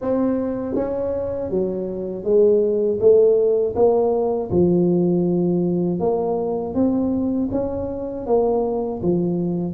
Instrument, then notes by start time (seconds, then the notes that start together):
tuba
0.01 C4
0.75 C#4
1.50 F#3
2.24 G#3
3.00 A3
3.75 A#3
4.50 F3
5.99 A#3
6.74 C4
7.51 C#4
8.26 A#3
9.02 F3